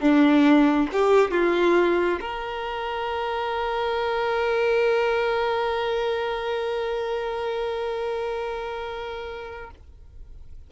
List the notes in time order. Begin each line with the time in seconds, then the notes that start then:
0.00 D4
0.92 G4
1.31 F4
2.20 A#4